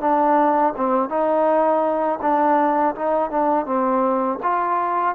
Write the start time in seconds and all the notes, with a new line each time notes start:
0.00 D4
0.76 C4
1.09 D#4
2.21 D4
2.95 D#4
3.30 D4
3.66 C4
4.42 F4